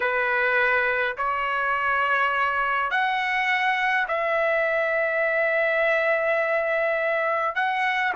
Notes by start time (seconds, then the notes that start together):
0.00 B4
1.17 C#5
2.90 F#5
4.08 E5
7.55 F#5